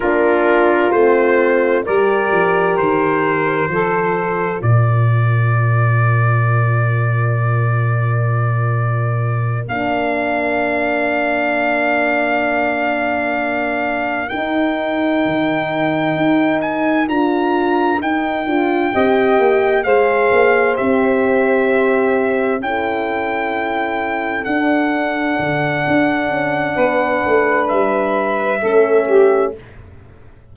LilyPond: <<
  \new Staff \with { instrumentName = "trumpet" } { \time 4/4 \tempo 4 = 65 ais'4 c''4 d''4 c''4~ | c''4 d''2.~ | d''2~ d''8 f''4.~ | f''2.~ f''8 g''8~ |
g''2 gis''8 ais''4 g''8~ | g''4. f''4 e''4.~ | e''8 g''2 fis''4.~ | fis''2 e''2 | }
  \new Staff \with { instrumentName = "saxophone" } { \time 4/4 f'2 ais'2 | a'4 ais'2.~ | ais'1~ | ais'1~ |
ais'1~ | ais'8 dis''4 c''2~ c''8~ | c''8 a'2.~ a'8~ | a'4 b'2 a'8 g'8 | }
  \new Staff \with { instrumentName = "horn" } { \time 4/4 d'4 c'4 g'2 | f'1~ | f'2~ f'8 d'4.~ | d'2.~ d'8 dis'8~ |
dis'2~ dis'8 f'4 dis'8 | f'8 g'4 gis'4 g'4.~ | g'8 e'2 d'4.~ | d'2. cis'4 | }
  \new Staff \with { instrumentName = "tuba" } { \time 4/4 ais4 a4 g8 f8 dis4 | f4 ais,2.~ | ais,2~ ais,8 ais4.~ | ais2.~ ais8 dis'8~ |
dis'8 dis4 dis'4 d'4 dis'8 | d'8 c'8 ais8 gis8 ais8 c'4.~ | c'8 cis'2 d'4 d8 | d'8 cis'8 b8 a8 g4 a4 | }
>>